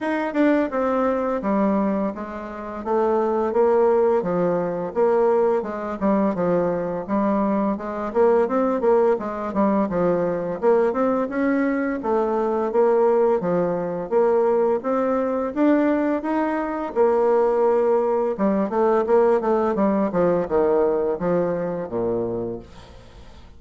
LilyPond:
\new Staff \with { instrumentName = "bassoon" } { \time 4/4 \tempo 4 = 85 dis'8 d'8 c'4 g4 gis4 | a4 ais4 f4 ais4 | gis8 g8 f4 g4 gis8 ais8 | c'8 ais8 gis8 g8 f4 ais8 c'8 |
cis'4 a4 ais4 f4 | ais4 c'4 d'4 dis'4 | ais2 g8 a8 ais8 a8 | g8 f8 dis4 f4 ais,4 | }